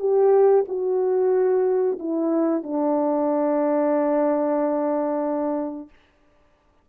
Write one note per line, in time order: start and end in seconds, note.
0.00 0.65 G4
0.68 1.99 F#4
2.00 2.64 E4
2.64 5.90 D4